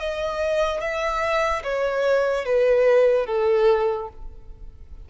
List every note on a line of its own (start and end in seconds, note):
0.00 0.81 D#5
0.81 1.63 E5
1.63 2.45 C#5
2.45 3.26 B4
3.26 4.08 A4